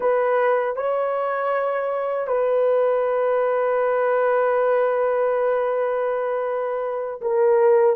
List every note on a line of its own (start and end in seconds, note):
0.00 0.76 B4
0.76 2.27 C#5
2.27 7.20 B4
7.21 7.95 A#4